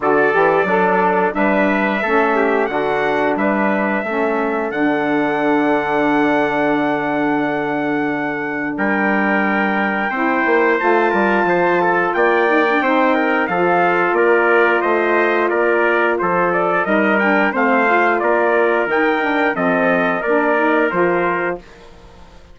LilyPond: <<
  \new Staff \with { instrumentName = "trumpet" } { \time 4/4 \tempo 4 = 89 d''2 e''2 | fis''4 e''2 fis''4~ | fis''1~ | fis''4 g''2. |
a''2 g''2 | f''4 d''4 dis''4 d''4 | c''8 d''8 dis''8 g''8 f''4 d''4 | g''4 dis''4 d''4 c''4 | }
  \new Staff \with { instrumentName = "trumpet" } { \time 4/4 a'4 d'4 b'4 a'8 g'8 | fis'4 b'4 a'2~ | a'1~ | a'4 ais'2 c''4~ |
c''8 ais'8 c''8 a'8 d''4 c''8 ais'8 | a'4 ais'4 c''4 ais'4 | a'4 ais'4 c''4 ais'4~ | ais'4 a'4 ais'2 | }
  \new Staff \with { instrumentName = "saxophone" } { \time 4/4 fis'8 g'8 a'4 d'4 cis'4 | d'2 cis'4 d'4~ | d'1~ | d'2. e'4 |
f'2~ f'8 dis'16 d'16 dis'4 | f'1~ | f'4 dis'8 d'8 c'8 f'4. | dis'8 d'8 c'4 d'8 dis'8 f'4 | }
  \new Staff \with { instrumentName = "bassoon" } { \time 4/4 d8 e8 fis4 g4 a4 | d4 g4 a4 d4~ | d1~ | d4 g2 c'8 ais8 |
a8 g8 f4 ais4 c'4 | f4 ais4 a4 ais4 | f4 g4 a4 ais4 | dis4 f4 ais4 f4 | }
>>